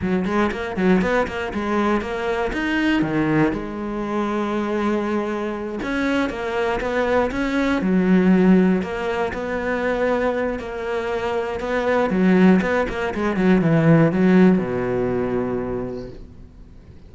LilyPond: \new Staff \with { instrumentName = "cello" } { \time 4/4 \tempo 4 = 119 fis8 gis8 ais8 fis8 b8 ais8 gis4 | ais4 dis'4 dis4 gis4~ | gis2.~ gis8 cis'8~ | cis'8 ais4 b4 cis'4 fis8~ |
fis4. ais4 b4.~ | b4 ais2 b4 | fis4 b8 ais8 gis8 fis8 e4 | fis4 b,2. | }